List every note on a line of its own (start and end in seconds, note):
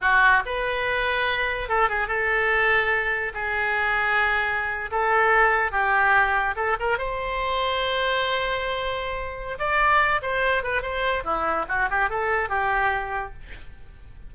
0.01 0.43 F#4
0.45 1.68 B4
1.68 1.89 A4
1.89 2.07 G#4
2.07 3.32 A4
3.34 4.90 G#4
4.91 5.71 A4
5.71 6.55 G4
6.55 6.76 A4
6.79 6.98 A#4
6.98 9.58 C5
9.58 10.21 D5
10.22 10.63 C5
10.63 10.82 B4
10.82 11.23 C5
11.23 11.65 E4
11.68 11.89 F#4
11.90 12.09 G4
12.09 12.49 A4
12.49 13.32 G4